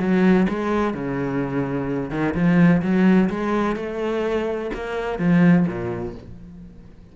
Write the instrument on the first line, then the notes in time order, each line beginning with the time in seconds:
cello
0.00 F#3
0.49 G#3
0.94 C#3
2.11 D#3
2.35 F3
2.82 F#3
3.30 G#3
3.76 A3
4.74 A#3
5.19 F3
5.68 A#2